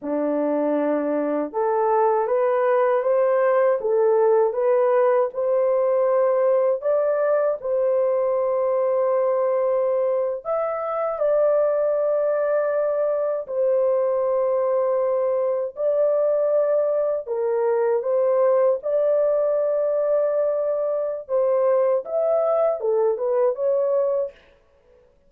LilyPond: \new Staff \with { instrumentName = "horn" } { \time 4/4 \tempo 4 = 79 d'2 a'4 b'4 | c''4 a'4 b'4 c''4~ | c''4 d''4 c''2~ | c''4.~ c''16 e''4 d''4~ d''16~ |
d''4.~ d''16 c''2~ c''16~ | c''8. d''2 ais'4 c''16~ | c''8. d''2.~ d''16 | c''4 e''4 a'8 b'8 cis''4 | }